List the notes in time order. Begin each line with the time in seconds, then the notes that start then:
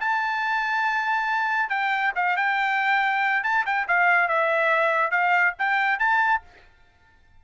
0.00 A5
1.69 G5
2.15 F5
2.37 G5
3.43 A5
3.65 G5
3.88 F5
4.28 E5
5.11 F5
5.58 G5
5.99 A5